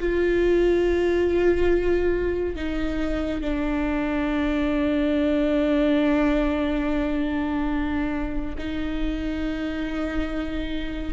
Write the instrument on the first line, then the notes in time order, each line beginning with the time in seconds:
viola
0.00 F4
2.56 D#4
3.41 D4
8.58 D#4